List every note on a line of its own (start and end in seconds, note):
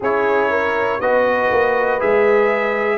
0.00 1.00 C#4
0.00 1.01 E4
0.00 0.50 G#4
0.00 1.00 C#5
0.50 1.00 A#4
1.00 1.50 B3
1.00 1.99 F#4
1.00 2.98 B4
1.00 2.00 D#5
1.51 2.01 A#3
1.99 2.98 G#3
1.99 2.98 G#4
1.99 2.98 E5